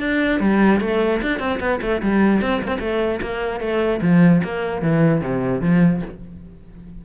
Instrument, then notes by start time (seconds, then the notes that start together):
cello
0.00 D4
0.40 G3
0.81 A3
1.22 D4
1.39 C4
1.60 B3
1.82 A3
2.02 G3
2.42 C4
2.62 A#3
2.68 C4
2.80 A3
3.22 A#3
3.61 A3
4.02 F3
4.44 A#3
4.82 E3
5.22 C3
5.62 F3